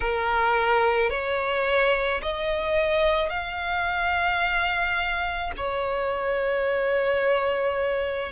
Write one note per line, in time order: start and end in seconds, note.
0.00 1.10 A#4
1.10 2.21 C#5
2.22 3.29 D#5
3.29 5.52 F5
5.56 8.31 C#5